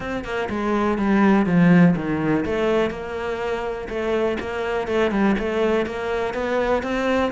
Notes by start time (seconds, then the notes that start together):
0.00 C4
0.24 A#3
0.49 G#3
0.98 G3
1.45 F3
1.96 D#3
2.45 A3
2.90 A#3
3.89 A3
4.39 A#3
4.87 A3
5.11 G3
5.38 A3
5.86 A#3
6.33 B3
6.82 C4